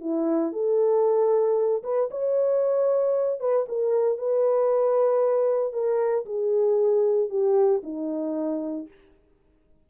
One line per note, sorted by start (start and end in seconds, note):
0.00 0.52 E4
0.52 1.83 A4
1.83 2.09 B4
2.11 3.40 C#5
3.40 3.66 B4
3.68 4.18 A#4
4.18 5.72 B4
5.72 6.25 A#4
6.25 7.29 G#4
7.29 7.81 G4
7.83 8.87 D#4